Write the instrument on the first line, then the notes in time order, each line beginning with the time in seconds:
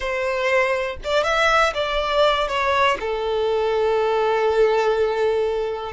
violin
0.00 C5
1.03 D5
1.23 E5
1.74 D5
2.47 C#5
3.00 A4